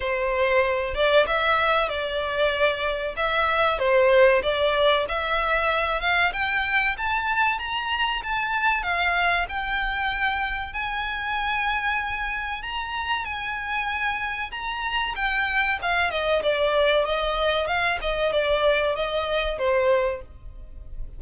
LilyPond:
\new Staff \with { instrumentName = "violin" } { \time 4/4 \tempo 4 = 95 c''4. d''8 e''4 d''4~ | d''4 e''4 c''4 d''4 | e''4. f''8 g''4 a''4 | ais''4 a''4 f''4 g''4~ |
g''4 gis''2. | ais''4 gis''2 ais''4 | g''4 f''8 dis''8 d''4 dis''4 | f''8 dis''8 d''4 dis''4 c''4 | }